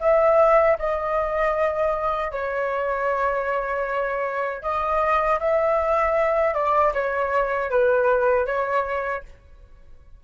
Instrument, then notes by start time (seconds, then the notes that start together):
flute
0.00 E5
0.78 D#5
2.31 C#5
4.62 D#5
5.40 E5
6.54 D5
6.94 C#5
7.70 B4
8.46 C#5